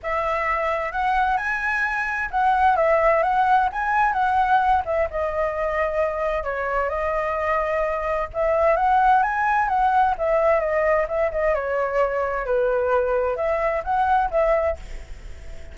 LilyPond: \new Staff \with { instrumentName = "flute" } { \time 4/4 \tempo 4 = 130 e''2 fis''4 gis''4~ | gis''4 fis''4 e''4 fis''4 | gis''4 fis''4. e''8 dis''4~ | dis''2 cis''4 dis''4~ |
dis''2 e''4 fis''4 | gis''4 fis''4 e''4 dis''4 | e''8 dis''8 cis''2 b'4~ | b'4 e''4 fis''4 e''4 | }